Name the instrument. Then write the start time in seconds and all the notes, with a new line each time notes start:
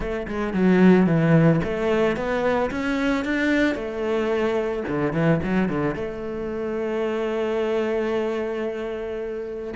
cello
0.00 A3
0.27 G#3
0.53 F#3
1.06 E3
1.63 A3
2.16 B3
2.71 C#4
3.24 D4
3.75 A3
4.88 D3
5.13 E3
5.43 F#3
5.69 D3
5.95 A3